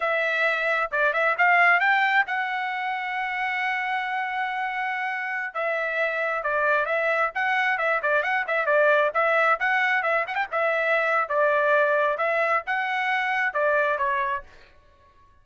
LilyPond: \new Staff \with { instrumentName = "trumpet" } { \time 4/4 \tempo 4 = 133 e''2 d''8 e''8 f''4 | g''4 fis''2.~ | fis''1~ | fis''16 e''2 d''4 e''8.~ |
e''16 fis''4 e''8 d''8 fis''8 e''8 d''8.~ | d''16 e''4 fis''4 e''8 fis''16 g''16 e''8.~ | e''4 d''2 e''4 | fis''2 d''4 cis''4 | }